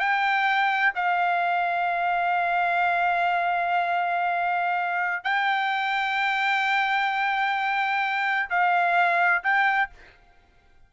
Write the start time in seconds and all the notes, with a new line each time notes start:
0.00 G5
0.96 F5
5.24 G5
8.50 F5
9.44 G5